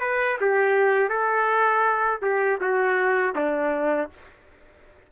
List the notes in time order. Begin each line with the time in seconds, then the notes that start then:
0.00 B4
0.40 G4
1.09 A4
2.22 G4
2.60 F#4
3.35 D4